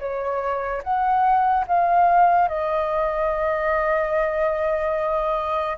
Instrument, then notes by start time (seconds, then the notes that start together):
flute
0.00 C#5
0.83 F#5
1.67 F5
2.49 D#5